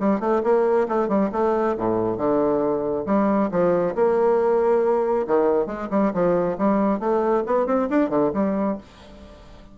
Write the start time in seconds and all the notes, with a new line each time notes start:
0.00 G3
0.21 A3
0.44 A#3
0.89 A3
1.09 G3
1.33 A3
1.78 A2
2.18 D3
3.07 G3
3.52 F3
3.96 A#3
5.28 D#3
5.67 G#3
5.91 G3
6.14 F3
6.59 G3
7.00 A3
7.47 B3
7.67 C4
7.91 D4
8.10 D3
8.34 G3